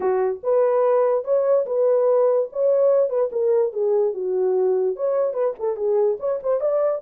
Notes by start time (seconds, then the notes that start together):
0.00 F#4
0.43 B4
1.24 C#5
1.66 B4
2.52 C#5
3.09 B4
3.32 A#4
3.72 G#4
4.13 F#4
4.96 C#5
5.33 B4
5.59 A4
5.76 G#4
6.19 C#5
6.43 C5
6.60 D5